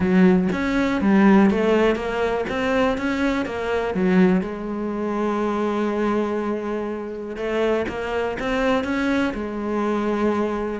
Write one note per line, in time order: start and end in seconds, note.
0.00 0.48 F#3
0.52 1.01 C#4
1.01 1.50 G3
1.50 1.95 A3
1.95 2.44 A#3
2.49 2.97 C4
2.97 3.45 C#4
3.45 3.94 A#3
3.94 4.41 F#3
4.41 7.36 G#3
7.36 7.85 A3
7.88 8.37 A#3
8.39 8.84 C4
8.84 9.33 C#4
9.34 10.80 G#3